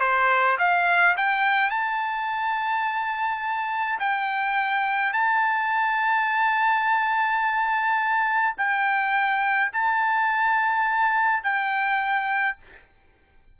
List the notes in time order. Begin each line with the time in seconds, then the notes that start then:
0.00 C5
0.58 F5
1.17 G5
1.70 A5
3.99 G5
5.13 A5
8.57 G5
9.72 A5
11.43 G5